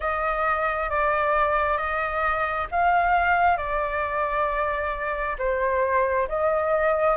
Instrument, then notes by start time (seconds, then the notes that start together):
flute
0.00 D#5
0.89 D5
1.77 D#5
2.71 F5
3.57 D5
5.38 C5
6.28 D#5